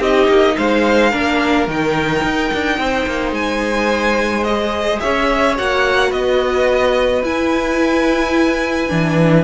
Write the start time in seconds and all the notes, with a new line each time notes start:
0.00 C4 D#4 G4 D#5
0.28 A#3
0.57 G#3 C5 F5
1.11 A#3 D4 A#4
1.67 D#3 D#4 G5
2.23 D#4
2.54 D4
2.78 C4 C5
3.07 A#3
3.32 G#3 G#5
4.44 G#4 D#5
5.00 C#4 C#5 E5
5.57 A#3 F#4 F#5
6.10 B3 B4 D#5
7.23 E4 G#5
8.89 E3 D4